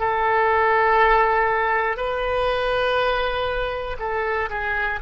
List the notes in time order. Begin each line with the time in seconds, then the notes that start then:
0.00 A4
1.97 B4
4.00 A4
4.50 G#4